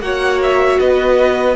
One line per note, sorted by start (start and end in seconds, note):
0.00 0.78 A#3
0.00 1.56 F#4
0.00 0.79 C#5
0.00 0.40 F#5
0.43 0.79 E5
0.79 1.56 B3
0.79 1.56 B4
0.79 1.56 D#5